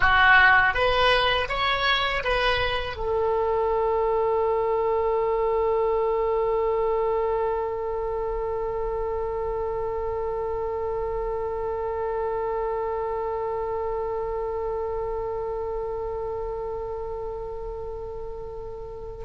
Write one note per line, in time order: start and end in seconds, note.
0.00 0.73 F#4
0.73 1.47 B4
1.48 2.22 C#5
2.24 2.96 B4
2.96 19.24 A4